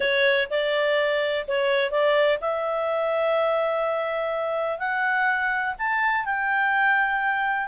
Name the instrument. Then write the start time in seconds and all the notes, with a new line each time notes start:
clarinet
0.00 C#5
0.50 D5
1.47 C#5
1.90 D5
2.40 E5
4.78 F#5
5.78 A5
6.25 G5